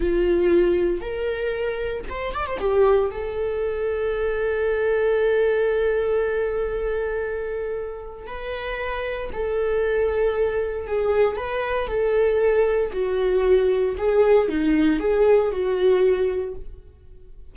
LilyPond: \new Staff \with { instrumentName = "viola" } { \time 4/4 \tempo 4 = 116 f'2 ais'2 | c''8 d''16 c''16 g'4 a'2~ | a'1~ | a'1 |
b'2 a'2~ | a'4 gis'4 b'4 a'4~ | a'4 fis'2 gis'4 | dis'4 gis'4 fis'2 | }